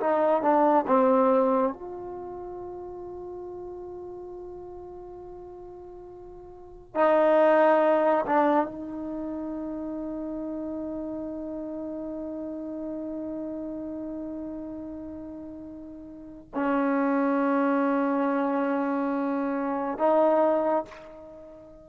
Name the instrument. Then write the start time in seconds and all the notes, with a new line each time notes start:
trombone
0.00 D#4
0.42 D4
0.87 C4
1.73 F4
6.94 D#4
8.26 D4
8.66 D#4
16.54 C#4
19.98 D#4